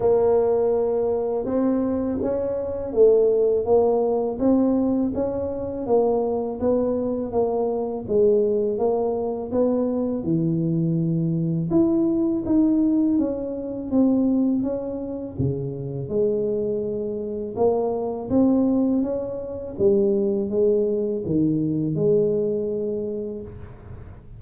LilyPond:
\new Staff \with { instrumentName = "tuba" } { \time 4/4 \tempo 4 = 82 ais2 c'4 cis'4 | a4 ais4 c'4 cis'4 | ais4 b4 ais4 gis4 | ais4 b4 e2 |
e'4 dis'4 cis'4 c'4 | cis'4 cis4 gis2 | ais4 c'4 cis'4 g4 | gis4 dis4 gis2 | }